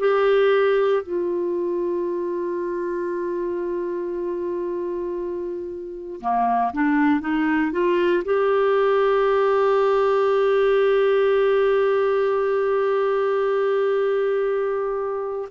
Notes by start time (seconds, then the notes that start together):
0.00 G4
1.03 F4
6.21 A#3
6.74 D4
7.21 D#4
7.72 F4
8.25 G4